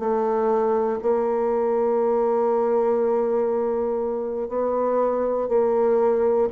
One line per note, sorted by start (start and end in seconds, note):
0.00 1.00 A3
1.02 4.49 A#3
4.49 5.49 B3
5.49 6.49 A#3